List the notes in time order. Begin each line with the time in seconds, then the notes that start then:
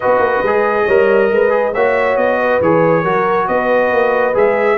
0.00 B3 F#4 B4 D#5
0.18 A#3
0.43 G#3 G#4
0.84 G3 A#4 C#5
1.31 G#3 B4
1.49 G#4
1.73 A#3 F#4 C#5 E5
2.16 B3 D#5
2.39 B4
2.61 E3 G#4 C#5
3.02 F#3 F#4 A#4
3.47 B3 B4 D#5
3.91 A#3
4.34 G#3 G#4 E5